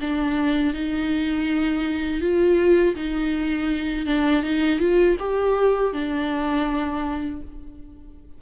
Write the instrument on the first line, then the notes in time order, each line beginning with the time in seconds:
viola
0.00 D4
0.73 D#4
2.21 F4
2.95 D#4
4.06 D4
4.43 D#4
4.79 F4
5.19 G4
5.93 D4